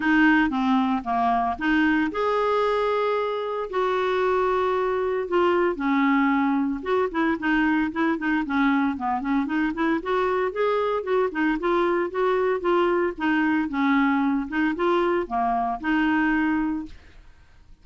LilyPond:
\new Staff \with { instrumentName = "clarinet" } { \time 4/4 \tempo 4 = 114 dis'4 c'4 ais4 dis'4 | gis'2. fis'4~ | fis'2 f'4 cis'4~ | cis'4 fis'8 e'8 dis'4 e'8 dis'8 |
cis'4 b8 cis'8 dis'8 e'8 fis'4 | gis'4 fis'8 dis'8 f'4 fis'4 | f'4 dis'4 cis'4. dis'8 | f'4 ais4 dis'2 | }